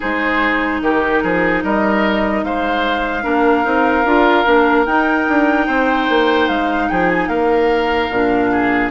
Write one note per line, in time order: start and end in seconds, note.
0.00 0.81 G#3
0.00 3.23 D#4
0.00 0.81 G#4
0.00 0.82 C5
0.81 1.21 D#3
0.81 1.23 G4
0.81 1.63 A#4
1.23 1.63 F3
1.23 1.63 G#4
1.63 2.43 G3
1.63 2.44 A#4
1.63 2.44 D#5
2.43 3.24 G#3
2.43 3.23 C5
2.43 4.86 F5
3.23 3.65 A#3
3.23 3.63 D4
3.23 5.66 A#4
3.63 4.05 C4
3.63 4.04 D#4
4.05 4.45 D4
4.05 4.45 F4
4.45 4.86 A#3
4.45 4.85 D4
4.86 8.10 D#4
4.86 5.27 D#4
4.86 6.48 G5
5.28 5.67 D4
5.66 6.08 C4
5.66 6.88 C5
6.09 6.48 A#3
6.48 6.89 G#3
6.48 6.88 F5
6.88 7.28 F3
6.88 7.28 G#4
6.88 7.09 G5
7.09 7.28 G#5
7.28 8.09 A#3
7.28 8.49 A#4
7.28 8.90 F5
8.09 8.90 A#2
8.09 8.90 D4
8.51 8.90 G#4